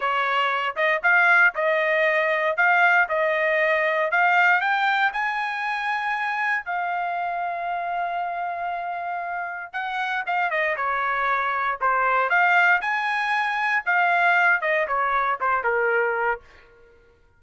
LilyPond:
\new Staff \with { instrumentName = "trumpet" } { \time 4/4 \tempo 4 = 117 cis''4. dis''8 f''4 dis''4~ | dis''4 f''4 dis''2 | f''4 g''4 gis''2~ | gis''4 f''2.~ |
f''2. fis''4 | f''8 dis''8 cis''2 c''4 | f''4 gis''2 f''4~ | f''8 dis''8 cis''4 c''8 ais'4. | }